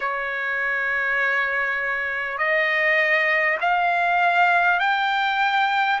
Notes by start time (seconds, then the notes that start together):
0.00 C#5
2.38 D#5
3.61 F5
4.79 G5